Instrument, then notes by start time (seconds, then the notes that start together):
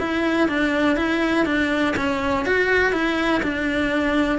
cello
0.00 E4
0.49 D4
0.97 E4
1.46 D4
1.97 C#4
2.46 F#4
2.93 E4
3.44 D4